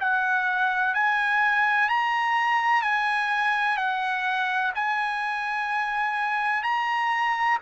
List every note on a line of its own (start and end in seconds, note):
0.00 0.94 F#5
0.94 1.89 G#5
1.89 2.82 A#5
2.82 3.77 G#5
3.77 4.72 F#5
4.75 6.63 G#5
6.63 7.58 A#5